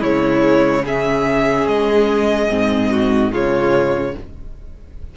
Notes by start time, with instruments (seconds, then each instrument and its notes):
0.00 cello C#3, viola G#3, violin E4 C#5
0.84 viola C#4, violin G#4 E5
1.67 cello G#3, violin D#5
2.49 cello G#2, viola C4
2.91 violin F#4
3.30 cello C#3, viola G#3, violin F4 C#5